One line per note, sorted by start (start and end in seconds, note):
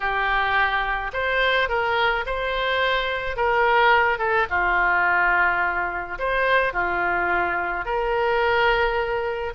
0.00 1.11 G4
1.13 1.68 C5
1.68 2.25 A#4
2.26 3.36 C5
3.36 4.18 A#4
4.18 4.46 A4
4.50 6.18 F4
6.18 6.73 C5
6.73 7.85 F4
7.85 9.53 A#4